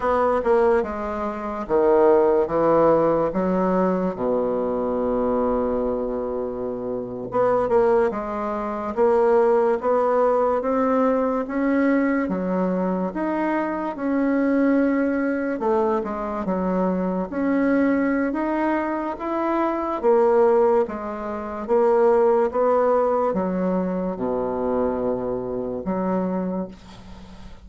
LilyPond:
\new Staff \with { instrumentName = "bassoon" } { \time 4/4 \tempo 4 = 72 b8 ais8 gis4 dis4 e4 | fis4 b,2.~ | b,8. b8 ais8 gis4 ais4 b16~ | b8. c'4 cis'4 fis4 dis'16~ |
dis'8. cis'2 a8 gis8 fis16~ | fis8. cis'4~ cis'16 dis'4 e'4 | ais4 gis4 ais4 b4 | fis4 b,2 fis4 | }